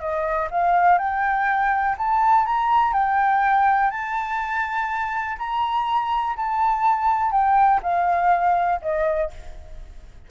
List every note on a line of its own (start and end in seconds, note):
0.00 0.49 D#5
0.51 0.99 F5
0.99 1.96 G5
1.98 2.46 A5
2.46 2.94 A#5
2.94 3.91 G5
3.91 5.37 A5
5.39 6.36 A#5
6.37 7.32 A5
7.32 7.81 G5
7.83 8.81 F5
8.82 9.31 D#5